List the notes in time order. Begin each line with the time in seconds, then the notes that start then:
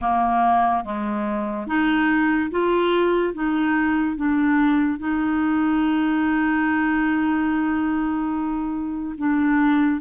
0.01 A#3
0.84 G#3
1.67 D#4
2.50 F4
3.33 D#4
4.16 D4
4.98 D#4
9.17 D4